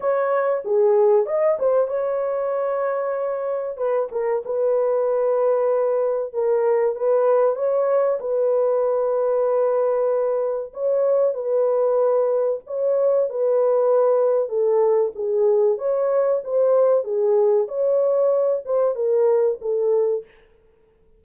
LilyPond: \new Staff \with { instrumentName = "horn" } { \time 4/4 \tempo 4 = 95 cis''4 gis'4 dis''8 c''8 cis''4~ | cis''2 b'8 ais'8 b'4~ | b'2 ais'4 b'4 | cis''4 b'2.~ |
b'4 cis''4 b'2 | cis''4 b'2 a'4 | gis'4 cis''4 c''4 gis'4 | cis''4. c''8 ais'4 a'4 | }